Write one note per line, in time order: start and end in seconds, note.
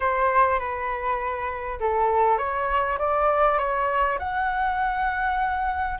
0.00 0.59 C5
0.59 1.79 B4
1.80 2.38 A4
2.38 2.98 C#5
2.98 3.58 D5
3.58 4.18 C#5
4.18 5.98 F#5